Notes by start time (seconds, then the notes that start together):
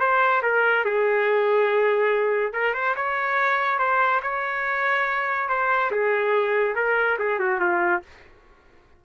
0.00 C5
0.43 A#4
0.85 G#4
2.53 A#4
2.74 C5
2.96 C#5
3.79 C5
4.23 C#5
5.49 C5
5.91 G#4
6.76 A#4
7.19 G#4
7.39 F#4
7.61 F4